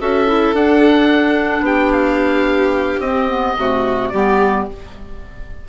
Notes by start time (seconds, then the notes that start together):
0.00 C#4 F#4 A4 E5
0.27 E4
0.53 D4 F#5
1.61 B3 G4 G5
1.92 F5
3.00 C4 D#5
3.29 B3
3.57 C3 A3 F#4
4.09 G3 B3 G4 D5